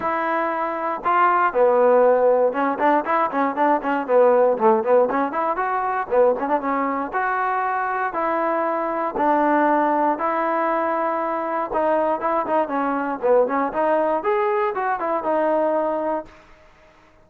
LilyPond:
\new Staff \with { instrumentName = "trombone" } { \time 4/4 \tempo 4 = 118 e'2 f'4 b4~ | b4 cis'8 d'8 e'8 cis'8 d'8 cis'8 | b4 a8 b8 cis'8 e'8 fis'4 | b8 cis'16 d'16 cis'4 fis'2 |
e'2 d'2 | e'2. dis'4 | e'8 dis'8 cis'4 b8 cis'8 dis'4 | gis'4 fis'8 e'8 dis'2 | }